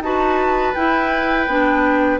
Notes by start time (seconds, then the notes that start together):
0.00 D#4 F#4 B4 A5
0.74 E4 G5
1.47 B3 D4